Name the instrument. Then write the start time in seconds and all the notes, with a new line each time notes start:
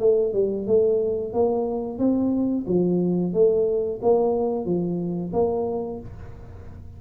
tuba
0.00 A3
0.34 G3
0.67 A3
1.33 A#3
1.99 C4
2.67 F3
3.34 A3
4.02 A#3
4.65 F3
5.33 A#3